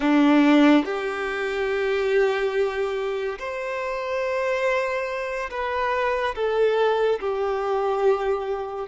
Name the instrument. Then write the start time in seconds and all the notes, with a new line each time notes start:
violin
0.00 D4
0.85 G4
3.38 C5
5.50 B4
6.35 A4
7.20 G4